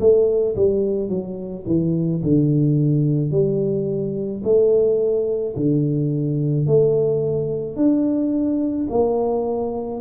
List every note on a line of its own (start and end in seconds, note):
0.00 0.56 A3
0.56 1.09 G3
1.09 1.65 F#3
1.66 2.22 E3
2.23 3.31 D3
3.31 4.42 G3
4.44 5.55 A3
5.57 6.67 D3
6.67 7.76 A3
7.76 8.87 D4
8.90 10.01 A#3